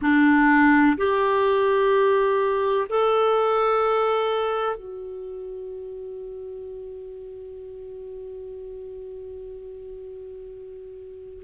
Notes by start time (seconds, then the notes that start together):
0.01 D4
0.97 G4
2.89 A4
4.76 F#4